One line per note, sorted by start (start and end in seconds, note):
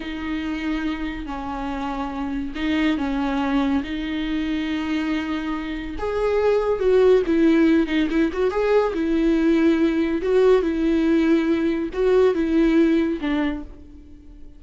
0.00 1.26 D#4
1.26 2.53 C#4
2.55 2.97 D#4
2.97 3.82 C#4
3.83 5.96 D#4
5.98 6.79 G#4
6.79 7.22 F#4
7.26 7.86 E4
7.86 8.08 D#4
8.10 8.31 E4
8.32 8.50 F#4
8.50 8.93 G#4
8.93 10.21 E4
10.22 10.62 F#4
10.62 11.89 E4
11.93 12.34 F#4
12.34 13.19 E4
13.20 13.63 D4